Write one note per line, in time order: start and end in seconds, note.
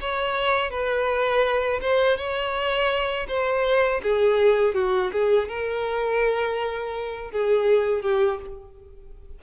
0.00 0.70 C#5
0.70 1.80 B4
1.81 2.17 C5
2.17 3.27 C#5
3.28 4.01 C5
4.02 4.74 G#4
4.74 5.11 F#4
5.12 5.48 G#4
5.48 7.31 A#4
7.31 8.02 G#4
8.02 8.38 G4